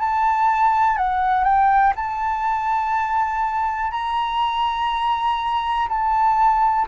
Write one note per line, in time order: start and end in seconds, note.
0.00 0.97 A5
0.97 1.44 F#5
1.44 1.93 G5
1.95 3.92 A5
3.92 5.88 A#5
5.89 6.87 A5